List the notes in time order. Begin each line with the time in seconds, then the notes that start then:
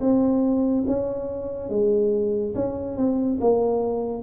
0.00 C4
0.87 C#4
1.69 G#3
2.55 C#4
2.97 C4
3.40 A#3